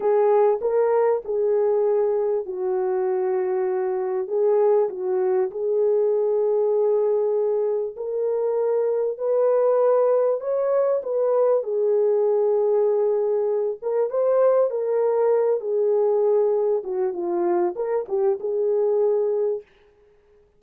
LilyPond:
\new Staff \with { instrumentName = "horn" } { \time 4/4 \tempo 4 = 98 gis'4 ais'4 gis'2 | fis'2. gis'4 | fis'4 gis'2.~ | gis'4 ais'2 b'4~ |
b'4 cis''4 b'4 gis'4~ | gis'2~ gis'8 ais'8 c''4 | ais'4. gis'2 fis'8 | f'4 ais'8 g'8 gis'2 | }